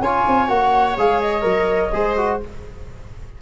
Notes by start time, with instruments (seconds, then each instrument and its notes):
0.00 tuba C#4, trombone F4, viola C#5, flute G#5
0.28 tuba C4
0.48 tuba A#3, trombone F#4, flute F#5
0.98 tuba G#3, trombone G#4, flute F5
1.21 flute D#5
1.42 tuba F#3, trombone A#4
1.93 tuba G#3, trombone G#4, viola C5
2.17 trombone F#4